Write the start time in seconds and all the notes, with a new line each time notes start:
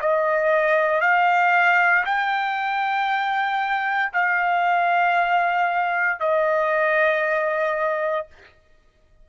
0.00 D#5
1.01 F5
2.05 G5
4.13 F5
6.20 D#5